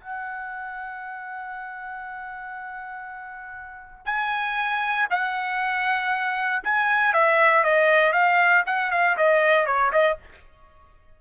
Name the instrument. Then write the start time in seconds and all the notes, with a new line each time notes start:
trumpet
0.00 F#5
4.05 G#5
5.10 F#5
6.64 G#5
7.13 E5
7.64 D#5
8.13 F5
8.66 F#5
8.91 F5
9.17 D#5
9.66 C#5
9.92 D#5